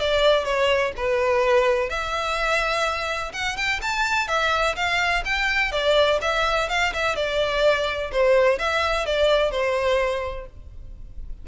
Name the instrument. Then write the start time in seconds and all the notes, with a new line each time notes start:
violin
0.00 D5
0.45 C#5
0.97 B4
1.90 E5
3.33 F#5
3.57 G5
3.82 A5
4.28 E5
4.76 F5
5.26 G5
5.72 D5
6.22 E5
6.69 F5
6.94 E5
7.16 D5
8.12 C5
8.59 E5
9.06 D5
9.51 C5